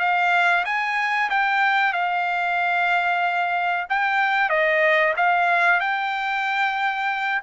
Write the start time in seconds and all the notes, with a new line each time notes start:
0.00 F5
0.65 G#5
1.30 G5
1.94 F5
3.90 G5
4.50 D#5
5.17 F5
5.81 G5